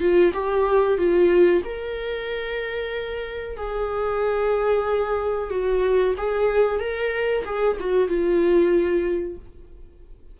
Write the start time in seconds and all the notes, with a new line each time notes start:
0.00 F4
0.33 G4
0.98 F4
1.65 A#4
3.57 G#4
5.50 F#4
6.17 G#4
6.80 A#4
7.45 G#4
7.80 F#4
8.08 F4